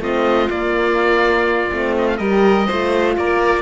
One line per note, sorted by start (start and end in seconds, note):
0.00 0.48 A3
0.00 0.49 C4
0.00 2.18 F4
0.00 0.50 D#5
0.49 1.70 A#3
0.49 1.71 A#3
0.49 1.95 D5
1.70 2.19 A3
1.70 2.19 C4
1.97 2.07 D#5
2.07 2.17 F5
2.17 2.67 G3
2.17 2.67 G4
2.17 2.66 A#4
2.17 3.14 D#5
2.66 3.17 A3
2.66 3.62 F4
2.66 3.15 C5
3.16 3.62 A#3
3.16 3.62 A#4
3.16 3.62 D5